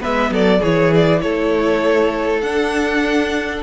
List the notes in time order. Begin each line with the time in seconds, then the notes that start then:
0.00 G#3 B3 B4 E5
0.30 F#3 A4 D5
0.60 E3 E4 G#4 C#5
0.95 D5
1.21 A3 A4 C#5
2.41 D4 F#5